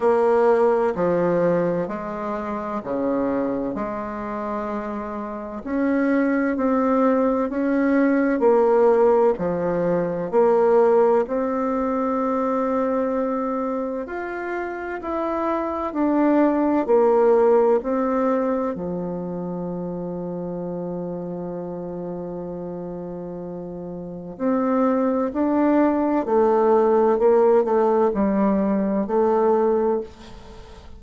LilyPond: \new Staff \with { instrumentName = "bassoon" } { \time 4/4 \tempo 4 = 64 ais4 f4 gis4 cis4 | gis2 cis'4 c'4 | cis'4 ais4 f4 ais4 | c'2. f'4 |
e'4 d'4 ais4 c'4 | f1~ | f2 c'4 d'4 | a4 ais8 a8 g4 a4 | }